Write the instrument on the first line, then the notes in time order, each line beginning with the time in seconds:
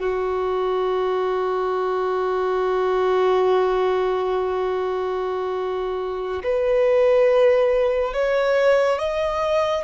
violin
0.00 F#4
6.44 B4
8.14 C#5
8.99 D#5